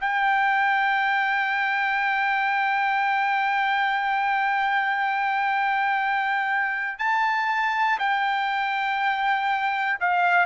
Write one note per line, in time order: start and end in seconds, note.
0.00 6.98 G5
6.98 7.98 A5
7.99 9.99 G5
10.00 10.45 F5